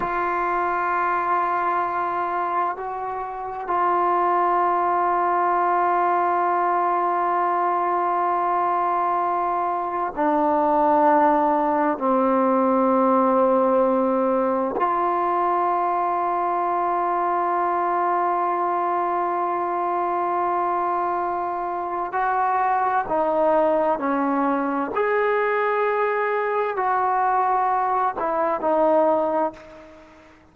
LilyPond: \new Staff \with { instrumentName = "trombone" } { \time 4/4 \tempo 4 = 65 f'2. fis'4 | f'1~ | f'2. d'4~ | d'4 c'2. |
f'1~ | f'1 | fis'4 dis'4 cis'4 gis'4~ | gis'4 fis'4. e'8 dis'4 | }